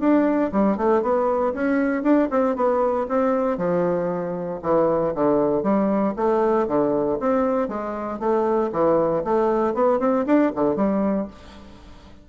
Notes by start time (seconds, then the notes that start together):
0.00 D4
0.52 G3
0.77 A3
1.02 B3
1.54 C#4
2.03 D4
2.31 C4
2.56 B3
3.09 C4
3.57 F3
4.62 E3
5.15 D3
5.63 G3
6.16 A3
6.67 D3
7.20 C4
7.68 G#3
8.19 A3
8.72 E3
9.24 A3
9.74 B3
10.00 C4
10.26 D4
10.55 D3
10.76 G3